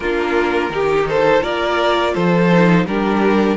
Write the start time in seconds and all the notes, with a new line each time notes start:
0.00 A#3 D4 F4 A#4
0.69 D#3 D#4 G4
1.08 A4 C5
1.40 A#3 F4 A#4 D5
2.13 F3 A4 C5
2.51 D#4
2.85 G3 D4 G4 A#4